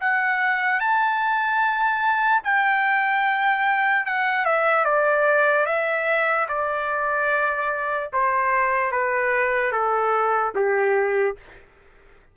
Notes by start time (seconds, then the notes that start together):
0.00 F#5
0.80 A5
2.44 G5
4.06 F#5
4.45 E5
4.85 D5
5.66 E5
6.48 D5
8.13 C5
8.91 B4
9.72 A4
10.55 G4